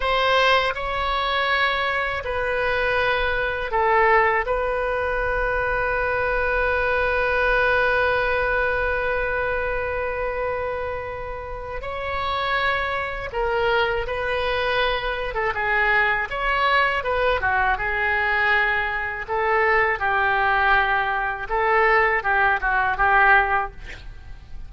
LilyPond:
\new Staff \with { instrumentName = "oboe" } { \time 4/4 \tempo 4 = 81 c''4 cis''2 b'4~ | b'4 a'4 b'2~ | b'1~ | b'1 |
cis''2 ais'4 b'4~ | b'8. a'16 gis'4 cis''4 b'8 fis'8 | gis'2 a'4 g'4~ | g'4 a'4 g'8 fis'8 g'4 | }